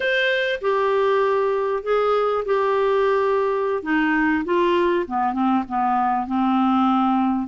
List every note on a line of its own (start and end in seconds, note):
0.00 0.60 C5
0.61 1.83 G4
1.83 2.44 G#4
2.45 3.82 G4
3.82 4.44 D#4
4.44 5.06 F4
5.07 5.33 B3
5.33 5.63 C4
5.68 6.26 B3
6.26 7.47 C4